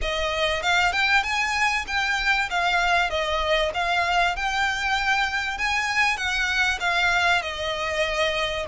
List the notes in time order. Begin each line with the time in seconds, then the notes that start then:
0.01 D#5
0.62 F5
0.92 G5
1.23 G#5
1.87 G5
2.50 F5
3.09 D#5
3.74 F5
4.36 G5
5.58 G#5
6.17 F#5
6.80 F5
7.42 D#5